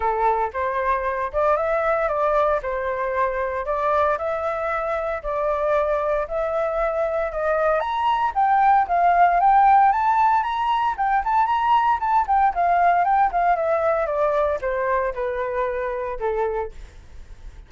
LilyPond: \new Staff \with { instrumentName = "flute" } { \time 4/4 \tempo 4 = 115 a'4 c''4. d''8 e''4 | d''4 c''2 d''4 | e''2 d''2 | e''2 dis''4 ais''4 |
g''4 f''4 g''4 a''4 | ais''4 g''8 a''8 ais''4 a''8 g''8 | f''4 g''8 f''8 e''4 d''4 | c''4 b'2 a'4 | }